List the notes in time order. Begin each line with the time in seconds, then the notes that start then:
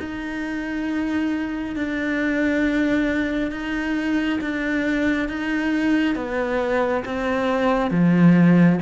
0.00 D#4
1.76 D4
3.52 D#4
4.42 D4
5.29 D#4
6.16 B3
7.05 C4
7.91 F3